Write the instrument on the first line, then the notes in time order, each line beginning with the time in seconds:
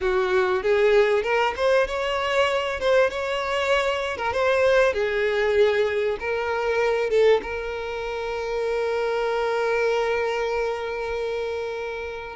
violin
0.01 F#4
0.62 G#4
1.23 A#4
1.56 C5
1.87 C#5
2.80 C5
3.10 C#5
4.17 A#4
4.32 C5
4.93 G#4
6.19 A#4
7.10 A4
7.42 A#4